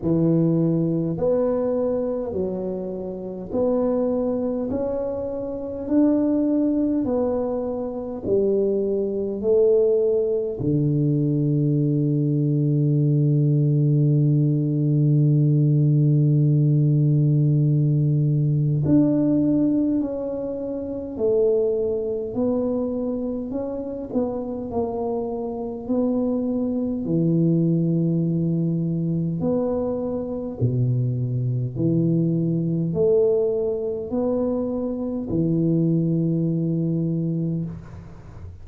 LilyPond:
\new Staff \with { instrumentName = "tuba" } { \time 4/4 \tempo 4 = 51 e4 b4 fis4 b4 | cis'4 d'4 b4 g4 | a4 d2.~ | d1 |
d'4 cis'4 a4 b4 | cis'8 b8 ais4 b4 e4~ | e4 b4 b,4 e4 | a4 b4 e2 | }